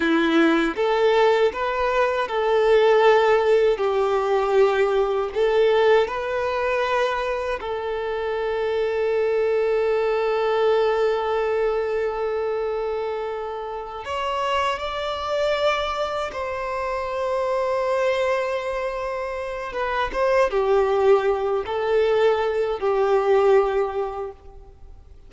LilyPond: \new Staff \with { instrumentName = "violin" } { \time 4/4 \tempo 4 = 79 e'4 a'4 b'4 a'4~ | a'4 g'2 a'4 | b'2 a'2~ | a'1~ |
a'2~ a'8 cis''4 d''8~ | d''4. c''2~ c''8~ | c''2 b'8 c''8 g'4~ | g'8 a'4. g'2 | }